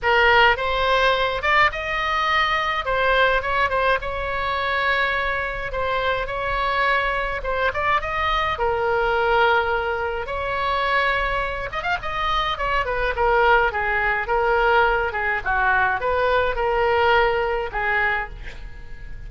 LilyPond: \new Staff \with { instrumentName = "oboe" } { \time 4/4 \tempo 4 = 105 ais'4 c''4. d''8 dis''4~ | dis''4 c''4 cis''8 c''8 cis''4~ | cis''2 c''4 cis''4~ | cis''4 c''8 d''8 dis''4 ais'4~ |
ais'2 cis''2~ | cis''8 dis''16 f''16 dis''4 cis''8 b'8 ais'4 | gis'4 ais'4. gis'8 fis'4 | b'4 ais'2 gis'4 | }